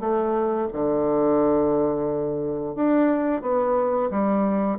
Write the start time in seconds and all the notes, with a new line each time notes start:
0.00 A3
0.73 D3
2.76 D4
3.42 B3
4.11 G3